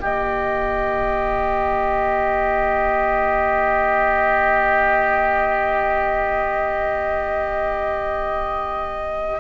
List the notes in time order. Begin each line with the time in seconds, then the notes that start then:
0.00 D#3 A#3 G4 D#5